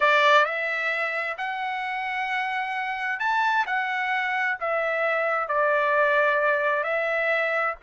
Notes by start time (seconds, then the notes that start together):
0.00 D5
0.45 E5
1.37 F#5
3.19 A5
3.66 F#5
4.59 E5
5.48 D5
6.83 E5